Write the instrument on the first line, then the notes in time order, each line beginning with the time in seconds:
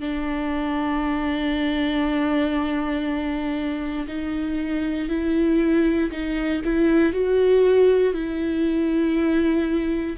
viola
0.00 D4
4.08 D#4
5.09 E4
6.12 D#4
6.64 E4
7.13 F#4
8.14 E4